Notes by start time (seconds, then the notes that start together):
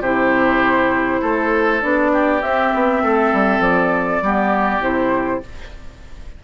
0.00 C3 E4 G4 C5
1.21 A3 A4
1.80 B3 D4 D5
2.12 G4
2.42 C4 E5
2.74 B3
3.02 A3 A4
3.33 G3
3.59 F3 D5
4.21 G3 B3 G4
4.79 C3 E4 C5